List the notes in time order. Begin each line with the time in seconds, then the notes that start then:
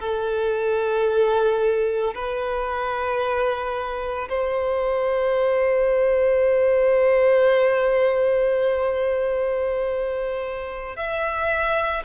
0.00 A4
2.14 B4
4.29 C5
10.96 E5